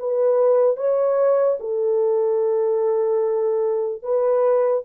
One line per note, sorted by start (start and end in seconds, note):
0.00 0.77 B4
0.77 1.58 C#5
1.60 4.03 A4
4.03 4.84 B4